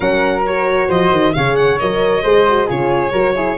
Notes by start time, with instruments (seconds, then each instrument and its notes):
0.00 tuba F#3, horn C#4, flute A#4, violin F#5
0.46 horn F#4, violin C#5
0.88 tuba F3, flute C5, violin D#5
1.10 tuba D#3
1.33 tuba C#3, horn G#4, flute C#5, violin F5
1.56 violin F#5
1.78 tuba F#3, horn A#4, violin D#5
2.23 tuba G#3, horn G#4, flute C5
2.49 horn F#4
2.66 tuba C#3, horn F4, flute G#4, violin C#5
3.11 tuba F#3, horn F#4, flute A#4
3.35 horn E4, flute G#4